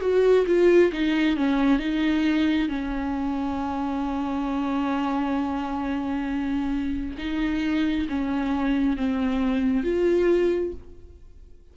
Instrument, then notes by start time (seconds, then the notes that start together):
viola
0.00 F#4
0.46 F4
0.92 D#4
1.36 C#4
1.79 D#4
2.68 C#4
7.18 D#4
8.08 C#4
8.96 C4
9.83 F4